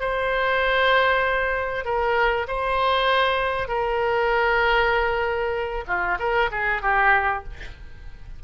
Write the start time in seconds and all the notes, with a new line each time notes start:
0.00 C5
1.85 A#4
2.48 C5
3.68 A#4
5.87 F4
6.19 A#4
6.51 G#4
6.82 G4